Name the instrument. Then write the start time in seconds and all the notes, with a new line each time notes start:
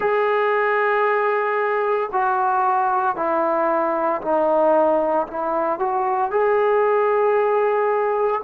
trombone
0.00 G#4
2.12 F#4
3.16 E4
4.21 D#4
5.27 E4
5.79 F#4
6.31 G#4